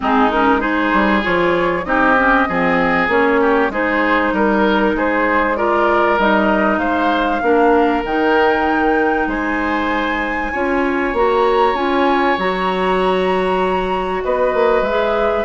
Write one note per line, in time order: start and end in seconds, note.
0.00 0.93 G#3
0.00 0.31 C4
0.00 0.61 D#4
0.00 0.31 G#4
0.31 0.59 C#4
0.31 0.60 A#4
0.59 1.21 D#4
0.59 1.84 G#4
0.59 1.22 C5
0.93 1.24 G3
1.22 1.85 F3
1.22 1.84 F4
1.22 1.84 C#5
1.84 2.47 C4
1.84 2.15 D#4
1.84 2.48 G4
1.84 3.08 D#5
2.17 2.48 C#4
2.48 3.08 F3
2.48 3.08 C4
2.48 3.40 G#4
3.08 3.69 A#3
3.08 3.70 C#4
3.08 3.71 C#5
3.40 3.71 G4
3.69 4.31 G#3
3.69 5.56 D#4
3.69 4.33 G#4
3.69 4.35 C5
4.32 4.94 G3
4.32 4.96 A#4
4.32 4.97 A#4
4.94 6.18 G#3
4.94 5.57 G#4
4.94 5.56 C5
5.56 6.18 F4
5.56 6.79 A#4
5.56 6.18 D5
6.18 6.78 G3
6.18 7.42 D#4
6.18 6.78 D#5
6.78 7.40 G#3
6.78 7.41 C5
6.78 8.02 F5
7.42 8.03 A#3
7.42 8.04 D4
7.42 9.28 A#4
8.04 9.26 D#3
8.04 10.53 D#4
8.04 9.29 G5
9.26 10.50 G#3
9.26 10.52 C5
9.26 11.15 G#5
10.52 11.13 C#4
10.52 11.15 F4
10.52 14.23 C#5
11.13 11.73 A#3
11.13 11.75 F#4
11.13 11.75 A#5
11.73 12.35 C#4
11.73 12.37 F4
11.73 12.37 G#5
12.38 14.23 F#3
12.38 14.86 F#4
12.38 14.23 A#5
14.23 14.54 B3
14.23 15.45 B4
14.23 14.84 D#5
14.54 14.81 A#3
14.81 15.43 G#3
14.81 15.45 E5
14.88 15.45 G#4